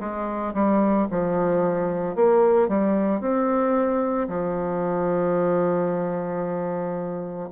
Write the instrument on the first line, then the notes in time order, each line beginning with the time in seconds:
bassoon
0.00 G#3
0.54 G3
1.11 F3
2.15 A#3
2.68 G3
3.20 C4
4.28 F3